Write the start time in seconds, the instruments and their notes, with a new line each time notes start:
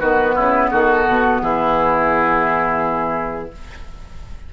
0.00 bassoon D#3, clarinet B3, oboe F#4, flute B4
0.35 bassoon C#3, oboe E4
0.71 bassoon D#3, oboe F#4, flute A4
1.07 bassoon B2
1.42 bassoon E3, oboe E4, flute G#4